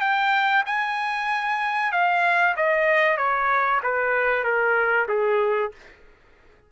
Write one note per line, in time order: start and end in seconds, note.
0.00 0.63 G5
0.66 1.92 G#5
1.92 2.55 F5
2.56 3.17 D#5
3.17 3.80 C#5
3.83 4.44 B4
4.44 5.07 A#4
5.08 5.72 G#4